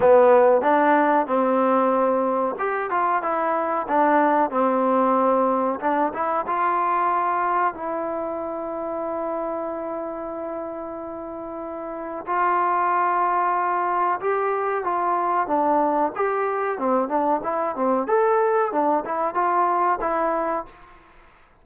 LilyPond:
\new Staff \with { instrumentName = "trombone" } { \time 4/4 \tempo 4 = 93 b4 d'4 c'2 | g'8 f'8 e'4 d'4 c'4~ | c'4 d'8 e'8 f'2 | e'1~ |
e'2. f'4~ | f'2 g'4 f'4 | d'4 g'4 c'8 d'8 e'8 c'8 | a'4 d'8 e'8 f'4 e'4 | }